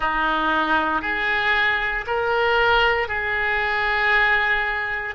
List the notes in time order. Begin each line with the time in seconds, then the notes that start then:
0.00 D#4
1.01 G#4
2.06 A#4
3.08 G#4